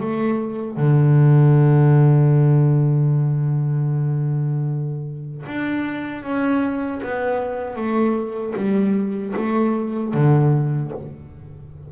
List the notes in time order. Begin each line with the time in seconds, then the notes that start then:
0.00 A3
0.77 D3
5.46 D4
6.23 C#4
7.03 B3
7.76 A3
8.55 G3
9.36 A3
10.14 D3